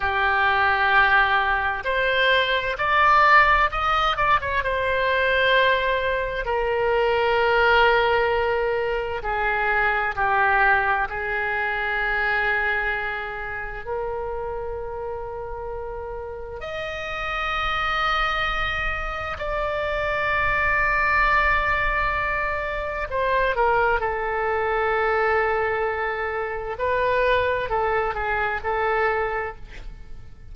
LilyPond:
\new Staff \with { instrumentName = "oboe" } { \time 4/4 \tempo 4 = 65 g'2 c''4 d''4 | dis''8 d''16 cis''16 c''2 ais'4~ | ais'2 gis'4 g'4 | gis'2. ais'4~ |
ais'2 dis''2~ | dis''4 d''2.~ | d''4 c''8 ais'8 a'2~ | a'4 b'4 a'8 gis'8 a'4 | }